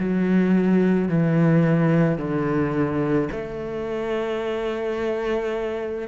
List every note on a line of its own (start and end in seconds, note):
0.00 1.09 F#3
1.09 2.18 E3
2.18 3.29 D3
3.32 6.09 A3